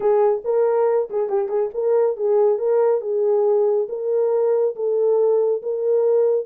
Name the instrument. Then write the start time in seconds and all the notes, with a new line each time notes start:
horn
0.00 G#4
0.44 A#4
1.09 G#4
1.29 G4
1.48 G#4
1.73 A#4
2.16 G#4
2.58 A#4
3.01 G#4
3.88 A#4
4.75 A4
5.62 A#4